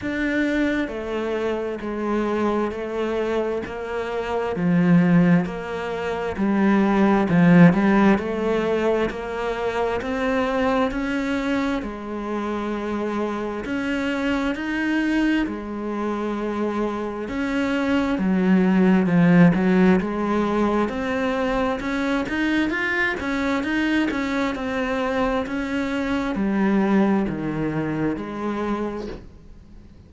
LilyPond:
\new Staff \with { instrumentName = "cello" } { \time 4/4 \tempo 4 = 66 d'4 a4 gis4 a4 | ais4 f4 ais4 g4 | f8 g8 a4 ais4 c'4 | cis'4 gis2 cis'4 |
dis'4 gis2 cis'4 | fis4 f8 fis8 gis4 c'4 | cis'8 dis'8 f'8 cis'8 dis'8 cis'8 c'4 | cis'4 g4 dis4 gis4 | }